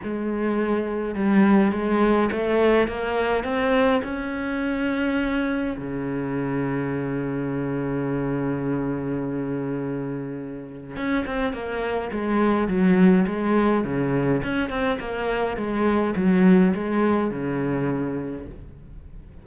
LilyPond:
\new Staff \with { instrumentName = "cello" } { \time 4/4 \tempo 4 = 104 gis2 g4 gis4 | a4 ais4 c'4 cis'4~ | cis'2 cis2~ | cis1~ |
cis2. cis'8 c'8 | ais4 gis4 fis4 gis4 | cis4 cis'8 c'8 ais4 gis4 | fis4 gis4 cis2 | }